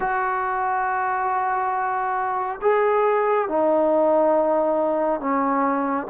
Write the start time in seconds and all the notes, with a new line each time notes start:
0.00 F#4
2.61 G#4
3.48 D#4
5.20 C#4